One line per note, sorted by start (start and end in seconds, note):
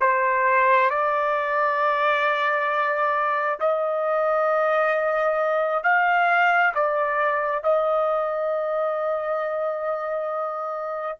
0.00 0.90 C5
0.90 3.59 D5
3.60 5.83 D#5
5.83 6.73 F5
6.74 7.63 D5
7.63 11.19 D#5